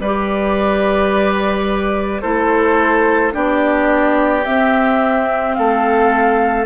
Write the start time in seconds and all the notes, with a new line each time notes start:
0.00 G3 G4 B4 D5
2.22 A3 E4 A4 C5
3.32 B3 D4 G4 D5
4.46 C4 E5
5.55 A3 A4 F5